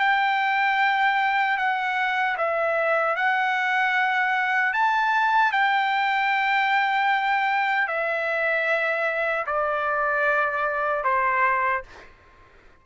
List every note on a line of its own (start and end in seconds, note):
0.00 1.58 G5
1.58 2.37 F#5
2.38 3.16 E5
3.16 4.73 F#5
4.73 5.52 A5
5.52 7.88 G5
7.88 9.46 E5
9.47 11.04 D5
11.04 11.83 C5